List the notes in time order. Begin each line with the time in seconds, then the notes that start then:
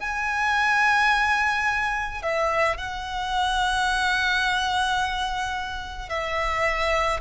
0.00 G#5
2.22 E5
2.77 F#5
6.09 E5